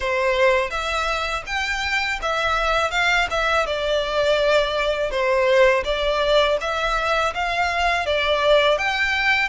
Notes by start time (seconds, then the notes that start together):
0.00 C5
0.70 E5
1.46 G5
2.22 E5
2.91 F5
3.30 E5
3.66 D5
5.10 C5
5.84 D5
6.60 E5
7.34 F5
8.06 D5
8.78 G5